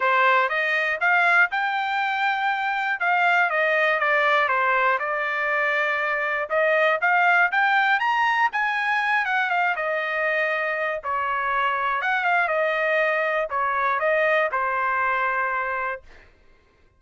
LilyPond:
\new Staff \with { instrumentName = "trumpet" } { \time 4/4 \tempo 4 = 120 c''4 dis''4 f''4 g''4~ | g''2 f''4 dis''4 | d''4 c''4 d''2~ | d''4 dis''4 f''4 g''4 |
ais''4 gis''4. fis''8 f''8 dis''8~ | dis''2 cis''2 | fis''8 f''8 dis''2 cis''4 | dis''4 c''2. | }